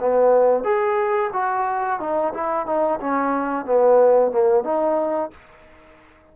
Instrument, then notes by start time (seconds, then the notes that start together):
trombone
0.00 B3
0.64 G#4
1.33 F#4
2.00 D#4
2.34 E4
2.66 D#4
3.00 C#4
3.65 B3
4.32 A#3
4.64 D#4